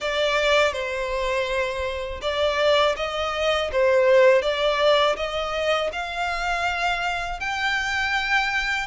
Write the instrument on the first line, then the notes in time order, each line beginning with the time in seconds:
violin
0.00 D5
0.72 C5
2.21 D5
2.96 D#5
3.71 C5
4.42 D5
5.16 D#5
5.92 F5
7.40 G5